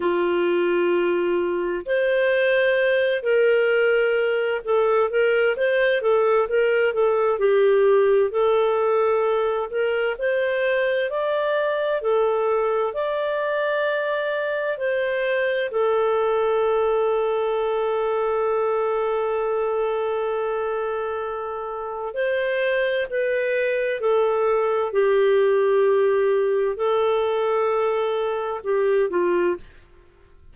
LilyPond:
\new Staff \with { instrumentName = "clarinet" } { \time 4/4 \tempo 4 = 65 f'2 c''4. ais'8~ | ais'4 a'8 ais'8 c''8 a'8 ais'8 a'8 | g'4 a'4. ais'8 c''4 | d''4 a'4 d''2 |
c''4 a'2.~ | a'1 | c''4 b'4 a'4 g'4~ | g'4 a'2 g'8 f'8 | }